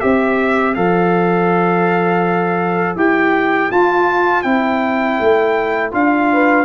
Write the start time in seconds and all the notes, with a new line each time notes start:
0.00 C4 G4 C5 E5
0.75 F3 A4 F5
2.96 E4 G4 G5
3.71 F4 A5
4.42 C4 E4 G5
5.20 A3
5.92 D4 F4 F5
6.33 B4